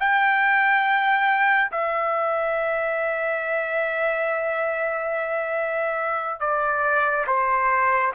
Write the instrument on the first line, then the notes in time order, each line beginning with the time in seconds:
trumpet
0.00 G5
1.72 E5
6.40 D5
7.27 C5